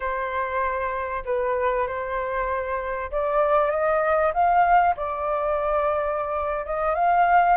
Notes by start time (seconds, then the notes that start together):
0.00 C5
1.25 B4
1.87 C5
3.11 D5
3.70 D#5
4.33 F5
4.96 D5
6.65 D#5
6.94 F5